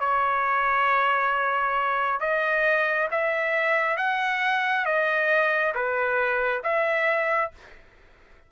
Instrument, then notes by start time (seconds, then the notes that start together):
trumpet
0.00 C#5
2.21 D#5
3.11 E5
3.97 F#5
4.86 D#5
5.75 B4
6.63 E5